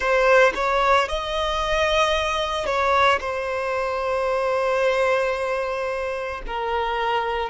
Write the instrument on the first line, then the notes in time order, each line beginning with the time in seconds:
violin
0.00 C5
0.54 C#5
1.08 D#5
2.65 C#5
3.20 C5
6.46 A#4